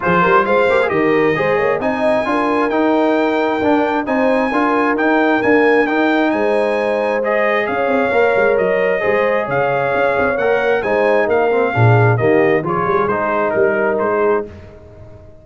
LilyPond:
<<
  \new Staff \with { instrumentName = "trumpet" } { \time 4/4 \tempo 4 = 133 c''4 f''4 dis''2 | gis''2 g''2~ | g''4 gis''2 g''4 | gis''4 g''4 gis''2 |
dis''4 f''2 dis''4~ | dis''4 f''2 fis''4 | gis''4 f''2 dis''4 | cis''4 c''4 ais'4 c''4 | }
  \new Staff \with { instrumentName = "horn" } { \time 4/4 gis'8 ais'8 c''4 ais'4 c''8 cis''8 | dis''4 ais'2.~ | ais'4 c''4 ais'2~ | ais'2 c''2~ |
c''4 cis''2. | c''4 cis''2. | c''4 ais'4 gis'4 g'4 | gis'2 ais'4~ ais'16 gis'8. | }
  \new Staff \with { instrumentName = "trombone" } { \time 4/4 f'4. g'16 gis'16 g'4 gis'4 | dis'4 f'4 dis'2 | d'4 dis'4 f'4 dis'4 | ais4 dis'2. |
gis'2 ais'2 | gis'2. ais'4 | dis'4. c'8 d'4 ais4 | f'4 dis'2. | }
  \new Staff \with { instrumentName = "tuba" } { \time 4/4 f8 g8 gis8 ais8 dis4 gis8 ais8 | c'4 d'4 dis'2 | d'4 c'4 d'4 dis'4 | d'4 dis'4 gis2~ |
gis4 cis'8 c'8 ais8 gis8 fis4 | gis4 cis4 cis'8 c'8 ais4 | gis4 ais4 ais,4 dis4 | f8 g8 gis4 g4 gis4 | }
>>